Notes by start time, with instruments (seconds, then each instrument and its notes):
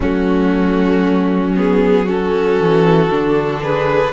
0.00 cello F#3, viola A3, violin C#4 F#4
1.55 viola B3, violin G#4
2.04 viola C#4, violin F#4 A4
2.59 cello E3
3.11 cello D3, viola D4
3.62 violin G#4 B4